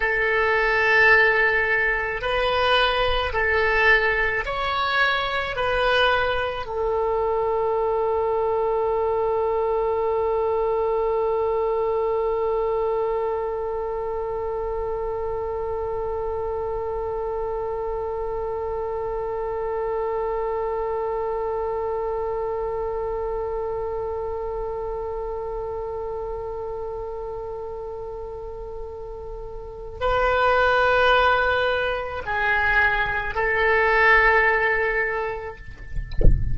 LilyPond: \new Staff \with { instrumentName = "oboe" } { \time 4/4 \tempo 4 = 54 a'2 b'4 a'4 | cis''4 b'4 a'2~ | a'1~ | a'1~ |
a'1~ | a'1~ | a'2. b'4~ | b'4 gis'4 a'2 | }